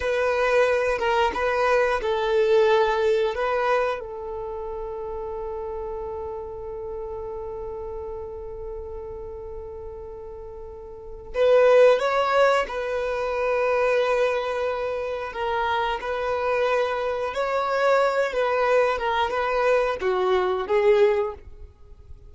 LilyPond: \new Staff \with { instrumentName = "violin" } { \time 4/4 \tempo 4 = 90 b'4. ais'8 b'4 a'4~ | a'4 b'4 a'2~ | a'1~ | a'1~ |
a'4 b'4 cis''4 b'4~ | b'2. ais'4 | b'2 cis''4. b'8~ | b'8 ais'8 b'4 fis'4 gis'4 | }